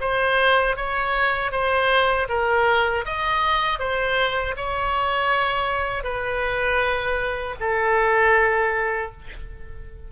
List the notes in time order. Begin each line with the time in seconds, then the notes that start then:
0.00 C5
0.76 C#5
1.51 C5
2.29 A#4
3.05 D#5
3.79 C5
4.56 C#5
6.03 B4
7.59 A4